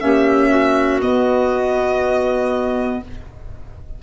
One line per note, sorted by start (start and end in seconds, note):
0.00 1.01 A#3
0.00 1.00 C#4
0.00 0.49 G4
0.00 1.00 E5
0.49 2.99 F#4
1.01 3.01 B3
1.01 3.02 B3
1.01 3.02 D#5